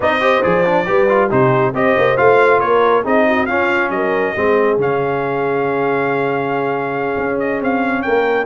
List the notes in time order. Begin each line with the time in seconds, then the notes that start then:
0.00 C4 D#4 D5 D#5
0.20 G4 C5
0.42 F3 G#4 D5
0.65 D4
0.85 G3 G4 B4
1.08 F4
1.28 C3 D#4 G4 C5
1.74 C4 G4 C5 D#5
1.97 A#3
2.17 A3 F4 F5
2.60 A#3 A#4 C#5
3.03 C4 D#4 G#4 D#5
3.27 F#4
3.46 C#4 F4 F5
3.89 F#3 A#4 D#5
4.35 G#3 C4 G#4
4.77 C#3 C#4 F5
7.17 C#4
7.39 D#5
7.60 C4 F5
8.02 A#3 A#4 G5